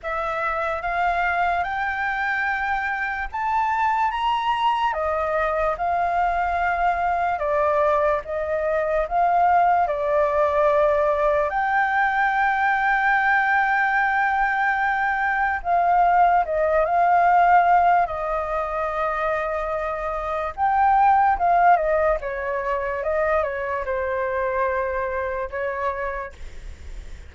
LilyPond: \new Staff \with { instrumentName = "flute" } { \time 4/4 \tempo 4 = 73 e''4 f''4 g''2 | a''4 ais''4 dis''4 f''4~ | f''4 d''4 dis''4 f''4 | d''2 g''2~ |
g''2. f''4 | dis''8 f''4. dis''2~ | dis''4 g''4 f''8 dis''8 cis''4 | dis''8 cis''8 c''2 cis''4 | }